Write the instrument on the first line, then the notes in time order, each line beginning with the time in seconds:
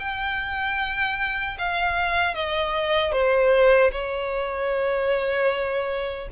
violin
0.00 G5
1.59 F5
2.35 D#5
3.13 C5
3.92 C#5